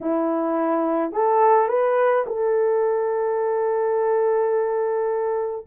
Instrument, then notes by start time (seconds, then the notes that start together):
horn
0.00 E4
1.12 A4
1.68 B4
2.26 A4